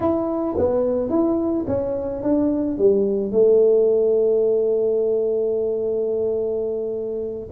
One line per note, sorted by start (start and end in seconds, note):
0.00 0.56 E4
0.57 1.09 B3
1.09 1.65 E4
1.67 2.22 C#4
2.22 2.78 D4
2.78 3.31 G3
3.31 7.48 A3